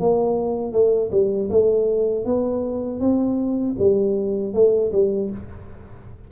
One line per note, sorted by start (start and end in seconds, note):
0.00 0.72 A#3
0.72 1.10 A3
1.12 1.50 G3
1.51 2.25 A3
2.25 3.00 B3
3.00 3.76 C4
3.79 4.54 G3
4.54 4.92 A3
4.92 5.30 G3